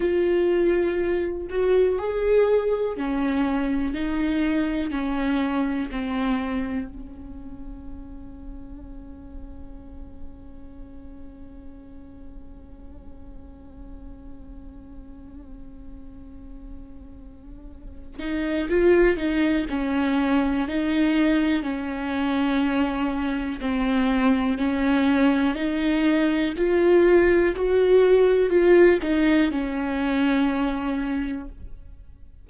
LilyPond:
\new Staff \with { instrumentName = "viola" } { \time 4/4 \tempo 4 = 61 f'4. fis'8 gis'4 cis'4 | dis'4 cis'4 c'4 cis'4~ | cis'1~ | cis'1~ |
cis'2~ cis'8 dis'8 f'8 dis'8 | cis'4 dis'4 cis'2 | c'4 cis'4 dis'4 f'4 | fis'4 f'8 dis'8 cis'2 | }